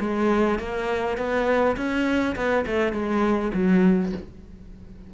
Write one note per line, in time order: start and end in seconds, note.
0.00 0.59 G#3
0.59 1.17 A#3
1.17 1.76 B3
1.76 2.35 C#4
2.36 2.65 B3
2.66 2.93 A3
2.93 3.52 G#3
3.54 4.13 F#3